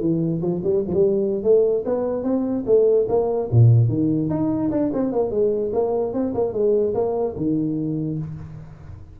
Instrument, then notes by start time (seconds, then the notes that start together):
tuba
0.00 E3
0.41 F3
0.63 G3
0.87 F3
0.94 G3
1.43 A3
1.85 B3
2.23 C4
2.66 A3
3.08 A#3
3.51 A#2
3.88 D#3
4.29 D#4
4.71 D4
4.93 C4
5.12 A#3
5.30 G#3
5.73 A#3
6.13 C4
6.34 A#3
6.53 G#3
6.94 A#3
7.36 D#3